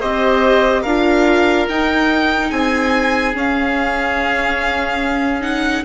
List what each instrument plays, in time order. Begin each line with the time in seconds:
0.00 bassoon C4, viola G4, oboe C5, violin D#5
0.82 bassoon D4, viola F4, oboe A#4, violin F5
1.69 bassoon D#4, viola D#4, violin G5
2.50 bassoon C4, oboe G#4, violin G#5
3.34 bassoon C#4, viola C#4, violin F5
5.41 viola D#4, violin F#5